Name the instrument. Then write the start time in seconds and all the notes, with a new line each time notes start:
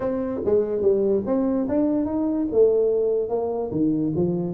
tuba
0.00 C4
0.45 G#3
0.81 G3
1.26 C4
1.68 D4
2.05 D#4
2.51 A3
3.29 A#3
3.71 D#3
4.15 F3